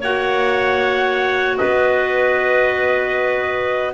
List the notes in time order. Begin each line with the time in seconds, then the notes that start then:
0.00 A#3 F#4 C#5 F#5
1.58 B3 B4 D#5